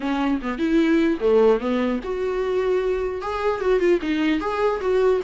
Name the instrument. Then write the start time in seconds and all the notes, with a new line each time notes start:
viola
0.00 C#4
0.42 B3
0.58 E4
1.20 A3
1.59 B3
2.03 F#4
3.21 G#4
3.60 F#4
3.79 F4
4.01 D#4
4.40 G#4
4.80 F#4